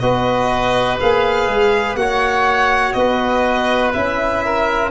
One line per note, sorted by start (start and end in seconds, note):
0.00 1.00 B3
0.00 1.00 F#4
0.00 2.00 B4
0.00 0.98 D#5
1.00 1.47 A#3
1.00 1.97 G#4
1.00 1.96 F5
1.47 1.95 G#3
1.95 2.93 A#3
1.95 3.94 F#4
1.95 2.98 C#5
1.95 2.93 F#5
2.93 3.93 B3
2.93 4.45 B4
2.93 3.91 D#5
3.93 4.91 C#4
3.93 4.91 E4
3.93 4.91 E5
4.45 4.91 A#4